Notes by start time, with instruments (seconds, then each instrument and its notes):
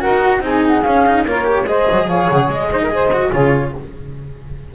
0.00 cello F#4, saxophone A#4, flute F#5
0.06 double bass D#4
0.40 double bass C4, cello D#4, saxophone G#4, flute G#5
0.67 flute F#5
0.83 double bass C#4, cello C#4, flute F5
1.06 cello D#4
1.26 double bass A#3, cello F4, saxophone A#4, flute C#5
1.44 cello G4
1.66 double bass G#3, cello G#4, saxophone C5, flute D#5
1.91 double bass F#3
2.07 double bass F3, saxophone C#5, flute F5
2.30 double bass C#3, flute F#5
2.48 double bass G#3, flute D#5
2.72 cello D#4, saxophone C5
2.83 saxophone A#4
2.89 cello G#4, saxophone C5
3.13 cello F#4
3.30 double bass C#3, cello F4, saxophone G#4, flute C#5